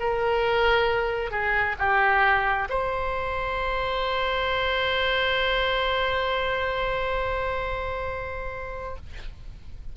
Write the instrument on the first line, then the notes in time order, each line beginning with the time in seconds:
oboe
0.00 A#4
1.31 G#4
1.79 G4
2.69 C5